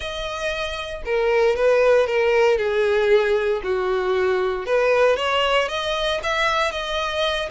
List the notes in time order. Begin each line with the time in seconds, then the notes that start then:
0.00 D#5
1.05 A#4
1.56 B4
2.06 A#4
2.58 G#4
3.63 F#4
4.66 B4
5.16 C#5
5.68 D#5
6.23 E5
6.71 D#5